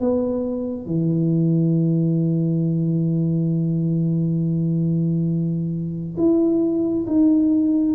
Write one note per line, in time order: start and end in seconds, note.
0.00 0.86 B3
0.86 6.16 E3
6.18 7.06 E4
7.07 7.95 D#4